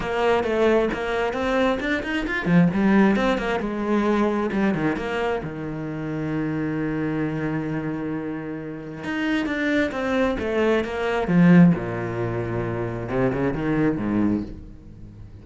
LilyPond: \new Staff \with { instrumentName = "cello" } { \time 4/4 \tempo 4 = 133 ais4 a4 ais4 c'4 | d'8 dis'8 f'8 f8 g4 c'8 ais8 | gis2 g8 dis8 ais4 | dis1~ |
dis1 | dis'4 d'4 c'4 a4 | ais4 f4 ais,2~ | ais,4 c8 cis8 dis4 gis,4 | }